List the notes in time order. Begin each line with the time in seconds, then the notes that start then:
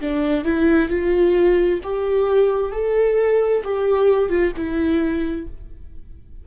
0.00 D4
0.44 E4
0.89 F4
1.83 G4
2.72 A4
3.64 G4
4.29 F4
4.56 E4